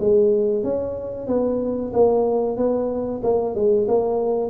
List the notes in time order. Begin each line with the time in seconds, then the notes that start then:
0.00 G#3
0.64 C#4
1.27 B3
1.93 A#3
2.57 B3
3.23 A#3
3.55 G#3
3.88 A#3